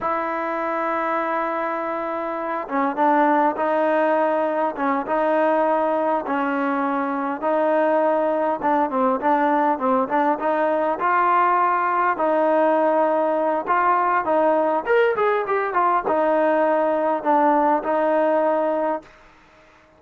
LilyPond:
\new Staff \with { instrumentName = "trombone" } { \time 4/4 \tempo 4 = 101 e'1~ | e'8 cis'8 d'4 dis'2 | cis'8 dis'2 cis'4.~ | cis'8 dis'2 d'8 c'8 d'8~ |
d'8 c'8 d'8 dis'4 f'4.~ | f'8 dis'2~ dis'8 f'4 | dis'4 ais'8 gis'8 g'8 f'8 dis'4~ | dis'4 d'4 dis'2 | }